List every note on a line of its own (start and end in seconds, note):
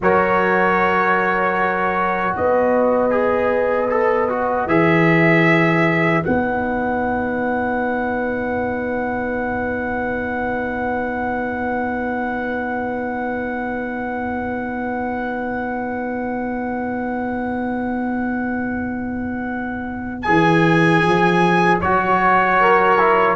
0.00 2.34 F#3
0.00 3.11 F#4
0.00 2.34 A#4
0.00 2.35 C#5
2.34 4.66 B3
2.34 22.59 B4
2.34 4.68 D#5
3.11 3.88 G#4
3.89 4.28 A4
4.29 4.68 F#4
4.66 6.22 E3
4.66 6.22 G#4
4.66 6.24 E5
6.22 20.27 B3
6.22 20.25 D#4
6.22 20.22 F#5
20.22 21.02 E3
20.22 21.81 G#4
20.22 21.77 G#5
21.02 21.80 F3
21.81 23.36 F#3
21.81 22.98 F#4
21.81 23.36 C#5
22.59 23.36 A#4
22.98 23.36 E4